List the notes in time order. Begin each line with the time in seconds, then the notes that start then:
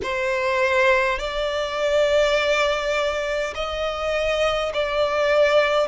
0.02 C5
1.18 D5
3.55 D#5
4.73 D5